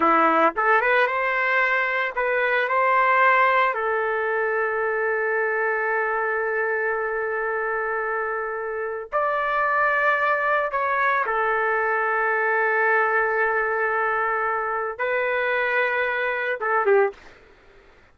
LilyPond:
\new Staff \with { instrumentName = "trumpet" } { \time 4/4 \tempo 4 = 112 e'4 a'8 b'8 c''2 | b'4 c''2 a'4~ | a'1~ | a'1~ |
a'4 d''2. | cis''4 a'2.~ | a'1 | b'2. a'8 g'8 | }